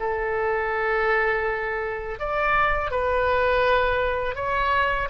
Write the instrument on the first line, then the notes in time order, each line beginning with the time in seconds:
oboe
0.00 A4
2.19 D5
2.91 B4
4.35 C#5